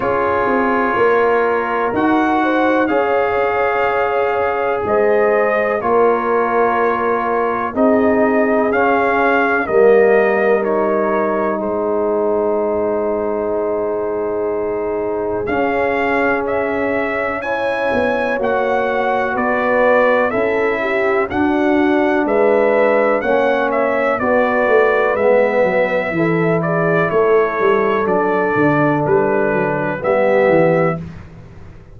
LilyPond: <<
  \new Staff \with { instrumentName = "trumpet" } { \time 4/4 \tempo 4 = 62 cis''2 fis''4 f''4~ | f''4 dis''4 cis''2 | dis''4 f''4 dis''4 cis''4 | c''1 |
f''4 e''4 gis''4 fis''4 | d''4 e''4 fis''4 e''4 | fis''8 e''8 d''4 e''4. d''8 | cis''4 d''4 b'4 e''4 | }
  \new Staff \with { instrumentName = "horn" } { \time 4/4 gis'4 ais'4. c''8 cis''4~ | cis''4 c''4 ais'2 | gis'2 ais'2 | gis'1~ |
gis'2 cis''2 | b'4 a'8 g'8 fis'4 b'4 | cis''4 b'2 a'8 gis'8 | a'2. g'4 | }
  \new Staff \with { instrumentName = "trombone" } { \time 4/4 f'2 fis'4 gis'4~ | gis'2 f'2 | dis'4 cis'4 ais4 dis'4~ | dis'1 |
cis'2 e'4 fis'4~ | fis'4 e'4 d'2 | cis'4 fis'4 b4 e'4~ | e'4 d'2 b4 | }
  \new Staff \with { instrumentName = "tuba" } { \time 4/4 cis'8 c'8 ais4 dis'4 cis'4~ | cis'4 gis4 ais2 | c'4 cis'4 g2 | gis1 |
cis'2~ cis'8 b8 ais4 | b4 cis'4 d'4 gis4 | ais4 b8 a8 gis8 fis8 e4 | a8 g8 fis8 d8 g8 fis8 g8 e8 | }
>>